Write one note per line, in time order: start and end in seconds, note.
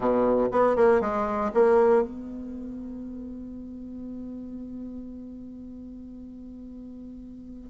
0.00 0.48 B2
0.51 0.76 B3
0.76 1.00 A#3
1.00 1.51 G#3
1.54 2.02 A#3
2.02 7.69 B3